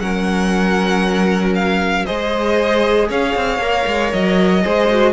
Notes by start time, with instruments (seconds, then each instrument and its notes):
0.00 cello F#3, viola C#4, violin A#4 F#5
1.55 violin F5
2.06 cello G#3, viola G#4, violin C5 D#5
3.09 cello C#4, violin C#5 F5
3.36 cello C4
3.59 cello A#3, viola A#4
3.87 cello G#3
4.13 cello F#3, violin D#5
4.63 cello G#3, viola G#4, violin C5
4.90 viola F#4